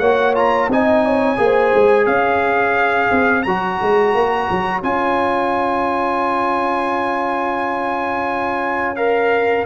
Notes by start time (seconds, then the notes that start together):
0.00 A#3 F#4 C#5 F#5
0.35 F4 A#5
0.69 C4 D#4 D#5 G#5
1.06 C#5
1.37 A#3 G#4
1.44 C5
1.75 G#3
2.07 C#4 C#5 F5
3.12 C4
3.43 F#3 F#4 A#5
3.82 G#3
4.15 A#3
4.51 F#3
4.83 C#4 F4 G#5
8.96 A#4 F5